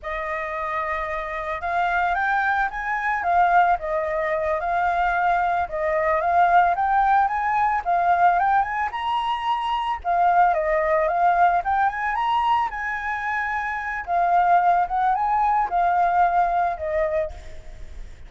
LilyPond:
\new Staff \with { instrumentName = "flute" } { \time 4/4 \tempo 4 = 111 dis''2. f''4 | g''4 gis''4 f''4 dis''4~ | dis''8 f''2 dis''4 f''8~ | f''8 g''4 gis''4 f''4 g''8 |
gis''8 ais''2 f''4 dis''8~ | dis''8 f''4 g''8 gis''8 ais''4 gis''8~ | gis''2 f''4. fis''8 | gis''4 f''2 dis''4 | }